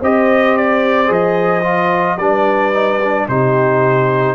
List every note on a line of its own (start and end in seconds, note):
0.00 1.10 C4
0.00 1.06 G4
0.00 2.18 C5
0.00 0.57 D#5
0.57 1.12 D5
1.06 2.17 F3
1.06 1.61 G#4
1.12 2.18 D#5
1.63 2.18 F4
2.17 3.26 G3
2.17 2.73 D4
2.17 3.28 B4
2.17 3.27 D5
2.73 3.00 D#4
3.04 3.29 D4
3.28 4.35 C3
3.28 4.35 D#4
3.28 4.35 G4
3.28 4.35 C5